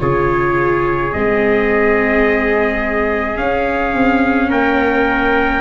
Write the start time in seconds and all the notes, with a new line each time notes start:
0.00 C#3 F4 G#4 C#5
1.13 G#3 C4 D#5
3.36 C#4 F5
3.95 C4
4.50 A#3 A#4 G5